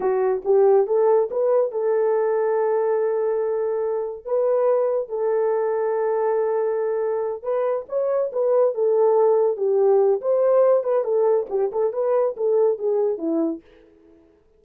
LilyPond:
\new Staff \with { instrumentName = "horn" } { \time 4/4 \tempo 4 = 141 fis'4 g'4 a'4 b'4 | a'1~ | a'2 b'2 | a'1~ |
a'4. b'4 cis''4 b'8~ | b'8 a'2 g'4. | c''4. b'8 a'4 g'8 a'8 | b'4 a'4 gis'4 e'4 | }